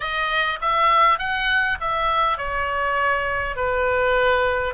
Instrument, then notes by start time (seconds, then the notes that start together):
oboe
0.00 D#5
0.61 E5
1.18 F#5
1.80 E5
2.37 C#5
3.56 B4